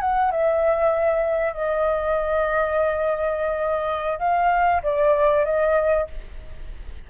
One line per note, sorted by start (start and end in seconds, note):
0.00 0.31 F#5
0.31 1.53 E5
1.53 4.18 D#5
4.18 4.81 F5
4.82 5.44 D5
5.44 6.07 D#5